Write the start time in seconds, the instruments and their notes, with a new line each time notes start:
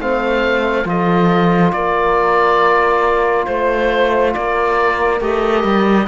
0.00 cello A3, trombone C4, horn C5, oboe F5
0.85 cello F3, trombone F4, horn A4, oboe D#5
1.72 cello A#3, horn A#4, oboe D5
3.46 cello A3, oboe C5, horn C5
4.34 cello A#3, horn A#4, oboe D5
5.21 cello A3, trombone G4, oboe D#5
5.64 cello G3